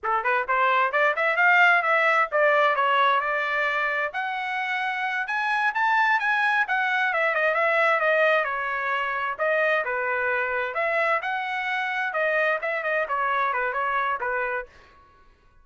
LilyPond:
\new Staff \with { instrumentName = "trumpet" } { \time 4/4 \tempo 4 = 131 a'8 b'8 c''4 d''8 e''8 f''4 | e''4 d''4 cis''4 d''4~ | d''4 fis''2~ fis''8 gis''8~ | gis''8 a''4 gis''4 fis''4 e''8 |
dis''8 e''4 dis''4 cis''4.~ | cis''8 dis''4 b'2 e''8~ | e''8 fis''2 dis''4 e''8 | dis''8 cis''4 b'8 cis''4 b'4 | }